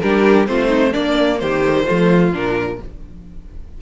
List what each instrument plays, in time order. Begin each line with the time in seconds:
0.00 cello G3, viola D4, violin G4 A#4
0.46 cello A3, viola C4, violin F4 C5
0.67 violin D#4
0.92 viola A#3, cello A#3, violin D4 D5
1.39 cello D#3, violin G4 C5
1.65 viola A3
1.72 viola G3
1.85 cello F3, viola A3, violin F4
2.33 cello A#2, viola D4, violin A#4